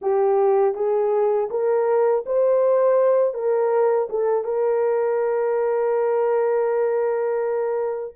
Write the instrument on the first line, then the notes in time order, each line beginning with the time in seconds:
horn
0.01 G4
0.74 G#4
1.50 A#4
2.26 C5
3.33 A#4
4.09 A4
4.44 A#4